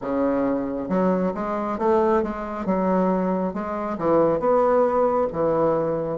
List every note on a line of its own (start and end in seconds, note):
0.01 0.88 C#3
0.88 1.32 F#3
1.34 1.78 G#3
1.78 2.22 A3
2.23 2.65 G#3
2.65 3.53 F#3
3.53 3.97 G#3
3.98 4.39 E3
4.39 5.27 B3
5.32 6.18 E3